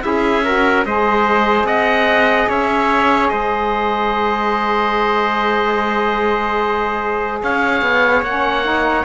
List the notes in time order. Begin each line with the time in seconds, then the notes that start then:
0.00 C#4 E4 G#4 E5
0.43 F#4 A#4
0.85 G#3 G#4 C5 D#5
1.63 C4 D#5 F#5
2.48 C#4 C#5 E5
3.27 G#3 C5 D#5
7.42 C#4 C#5 F5
7.81 B3
8.21 A#3 C#4 F#5
8.63 D#4